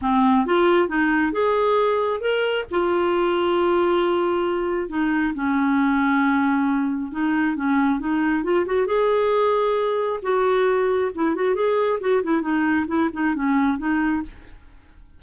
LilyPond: \new Staff \with { instrumentName = "clarinet" } { \time 4/4 \tempo 4 = 135 c'4 f'4 dis'4 gis'4~ | gis'4 ais'4 f'2~ | f'2. dis'4 | cis'1 |
dis'4 cis'4 dis'4 f'8 fis'8 | gis'2. fis'4~ | fis'4 e'8 fis'8 gis'4 fis'8 e'8 | dis'4 e'8 dis'8 cis'4 dis'4 | }